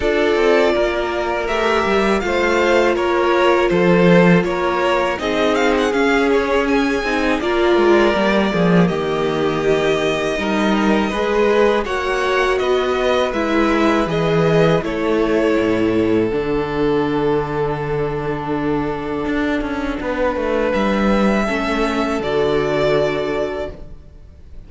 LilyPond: <<
  \new Staff \with { instrumentName = "violin" } { \time 4/4 \tempo 4 = 81 d''2 e''4 f''4 | cis''4 c''4 cis''4 dis''8 f''16 fis''16 | f''8 cis''8 gis''4 d''2 | dis''1 |
fis''4 dis''4 e''4 dis''4 | cis''2 fis''2~ | fis''1 | e''2 d''2 | }
  \new Staff \with { instrumentName = "violin" } { \time 4/4 a'4 ais'2 c''4 | ais'4 a'4 ais'4 gis'4~ | gis'2 ais'4. gis'8 | g'2 ais'4 b'4 |
cis''4 b'2. | a'1~ | a'2. b'4~ | b'4 a'2. | }
  \new Staff \with { instrumentName = "viola" } { \time 4/4 f'2 g'4 f'4~ | f'2. dis'4 | cis'4. dis'8 f'4 ais4~ | ais2 dis'4 gis'4 |
fis'2 e'4 gis'4 | e'2 d'2~ | d'1~ | d'4 cis'4 fis'2 | }
  \new Staff \with { instrumentName = "cello" } { \time 4/4 d'8 c'8 ais4 a8 g8 a4 | ais4 f4 ais4 c'4 | cis'4. c'8 ais8 gis8 g8 f8 | dis2 g4 gis4 |
ais4 b4 gis4 e4 | a4 a,4 d2~ | d2 d'8 cis'8 b8 a8 | g4 a4 d2 | }
>>